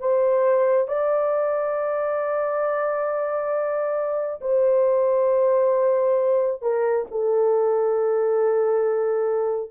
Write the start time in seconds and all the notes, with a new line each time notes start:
0.00 C5
0.88 D5
4.41 C5
6.62 A#4
7.11 A4